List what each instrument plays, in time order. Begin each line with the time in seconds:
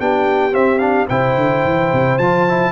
0.00 tuba B3, trombone D4, horn G4, trumpet G5
0.51 trombone C4, tuba C4, trumpet E5
0.79 trombone D4, trumpet F5
1.09 tuba C3, trombone E4, horn C5, trumpet G5
1.36 tuba D3
1.64 tuba E3
1.92 tuba C3
2.18 tuba F3, trombone F4, trumpet A5
2.49 trombone E4